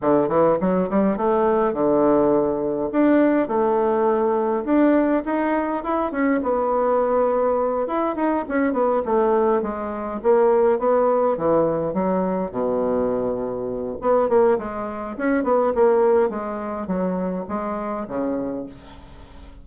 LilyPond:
\new Staff \with { instrumentName = "bassoon" } { \time 4/4 \tempo 4 = 103 d8 e8 fis8 g8 a4 d4~ | d4 d'4 a2 | d'4 dis'4 e'8 cis'8 b4~ | b4. e'8 dis'8 cis'8 b8 a8~ |
a8 gis4 ais4 b4 e8~ | e8 fis4 b,2~ b,8 | b8 ais8 gis4 cis'8 b8 ais4 | gis4 fis4 gis4 cis4 | }